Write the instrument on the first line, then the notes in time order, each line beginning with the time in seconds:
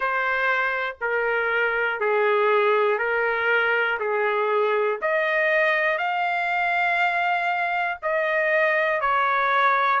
trumpet
0.00 C5
1.00 A#4
2.00 G#4
2.98 A#4
4.00 G#4
5.01 D#5
5.97 F5
8.02 D#5
9.00 C#5